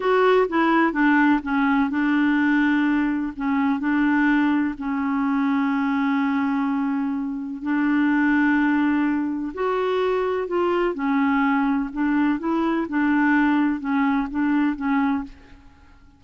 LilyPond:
\new Staff \with { instrumentName = "clarinet" } { \time 4/4 \tempo 4 = 126 fis'4 e'4 d'4 cis'4 | d'2. cis'4 | d'2 cis'2~ | cis'1 |
d'1 | fis'2 f'4 cis'4~ | cis'4 d'4 e'4 d'4~ | d'4 cis'4 d'4 cis'4 | }